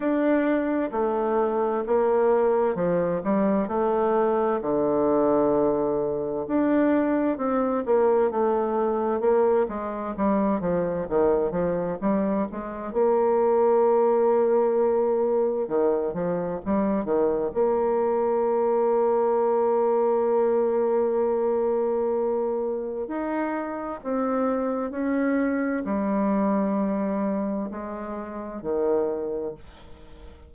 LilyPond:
\new Staff \with { instrumentName = "bassoon" } { \time 4/4 \tempo 4 = 65 d'4 a4 ais4 f8 g8 | a4 d2 d'4 | c'8 ais8 a4 ais8 gis8 g8 f8 | dis8 f8 g8 gis8 ais2~ |
ais4 dis8 f8 g8 dis8 ais4~ | ais1~ | ais4 dis'4 c'4 cis'4 | g2 gis4 dis4 | }